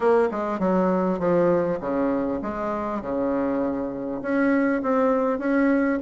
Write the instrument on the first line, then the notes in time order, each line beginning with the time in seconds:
bassoon
0.00 A#3
0.31 G#3
0.59 F#3
1.19 F3
1.80 C#3
2.42 G#3
3.01 C#3
4.21 C#4
4.82 C4
5.38 C#4